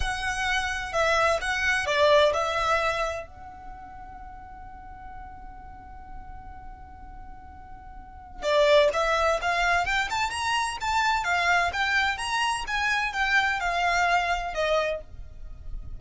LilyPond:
\new Staff \with { instrumentName = "violin" } { \time 4/4 \tempo 4 = 128 fis''2 e''4 fis''4 | d''4 e''2 fis''4~ | fis''1~ | fis''1~ |
fis''2 d''4 e''4 | f''4 g''8 a''8 ais''4 a''4 | f''4 g''4 ais''4 gis''4 | g''4 f''2 dis''4 | }